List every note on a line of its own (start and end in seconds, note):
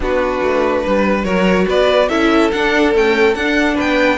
0.00 0.40 B3
0.00 1.25 D4
0.00 0.84 F#4
0.00 1.23 B4
0.42 0.84 A3
0.84 1.24 G3
0.84 1.25 B4
1.23 1.66 F#3
1.23 2.09 F#4
1.23 1.67 A#4
1.23 1.65 C#5
1.68 2.09 B3
1.68 2.08 B4
1.68 2.08 D5
2.08 2.51 C#4
2.08 2.51 E4
2.08 3.74 A4
2.08 2.50 E5
2.51 2.93 D4
2.51 2.94 D4
2.51 2.93 F#5
2.93 3.35 A3
2.93 3.35 C#4
2.93 3.34 G5
3.34 3.77 D4
3.34 4.17 D4
3.34 3.76 F#5
3.74 4.16 B4
3.74 4.17 G5
3.80 4.17 B3